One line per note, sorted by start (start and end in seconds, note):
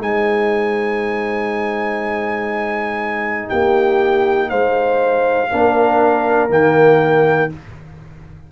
0.00 3.50 G#3
0.00 5.50 D#4
0.00 3.49 C5
0.00 3.50 G#5
3.49 4.51 A#3
3.49 4.49 G4
3.49 4.50 G5
4.50 5.51 G#3
4.50 5.50 C5
4.50 6.50 F5
5.52 6.50 A#3
5.52 6.50 D4
5.52 7.52 A#4
6.50 7.50 D#3
6.50 7.50 A#3
6.50 7.52 G5